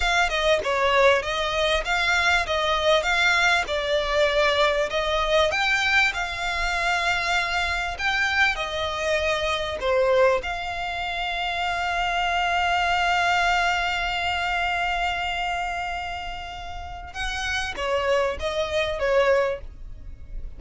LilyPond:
\new Staff \with { instrumentName = "violin" } { \time 4/4 \tempo 4 = 98 f''8 dis''8 cis''4 dis''4 f''4 | dis''4 f''4 d''2 | dis''4 g''4 f''2~ | f''4 g''4 dis''2 |
c''4 f''2.~ | f''1~ | f''1 | fis''4 cis''4 dis''4 cis''4 | }